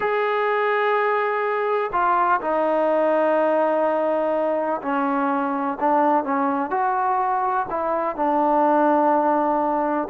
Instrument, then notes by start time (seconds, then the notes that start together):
trombone
0.00 G#4
1.92 F4
2.41 D#4
4.82 C#4
5.79 D4
6.24 C#4
6.70 F#4
7.69 E4
8.16 D4